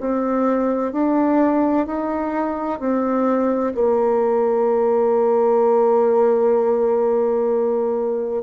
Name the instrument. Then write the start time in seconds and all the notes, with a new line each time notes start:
bassoon
0.00 C4
0.93 D4
1.87 D#4
2.80 C4
3.75 A#3